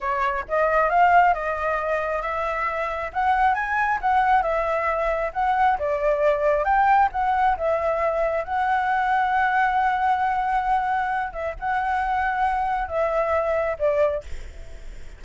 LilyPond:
\new Staff \with { instrumentName = "flute" } { \time 4/4 \tempo 4 = 135 cis''4 dis''4 f''4 dis''4~ | dis''4 e''2 fis''4 | gis''4 fis''4 e''2 | fis''4 d''2 g''4 |
fis''4 e''2 fis''4~ | fis''1~ | fis''4. e''8 fis''2~ | fis''4 e''2 d''4 | }